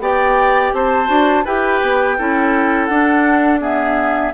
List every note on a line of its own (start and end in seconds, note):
0.00 0.72 B3
0.00 1.06 G4
0.00 0.74 D5
0.00 0.73 G5
0.73 1.09 C4
0.73 1.45 C5
0.73 1.46 A5
1.06 1.45 D4
1.06 1.42 F#4
1.45 1.81 E4
1.45 2.18 G4
1.45 2.17 B4
1.45 2.85 G5
1.82 2.18 B3
2.18 2.89 C#4
2.18 2.91 E4
2.18 3.61 A4
2.85 4.33 D4
2.85 3.61 D4
2.85 3.58 F#5
3.61 4.33 B3
3.61 4.33 G#4
3.61 4.34 E5